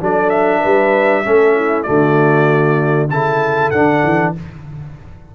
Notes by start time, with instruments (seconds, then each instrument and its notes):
0.00 tuba F#3, trombone D4, horn A4, trumpet D5
0.30 trumpet E5
0.60 tuba G3, horn B4
1.24 tuba A3, trombone C#4, horn A4
1.55 horn E4
1.82 tuba D3, trombone A3, horn F#4, trumpet D5
3.09 tuba C#3, trombone E4, horn A4, trumpet A5
3.70 tuba D3, trombone D4, trumpet F#5
4.03 tuba E3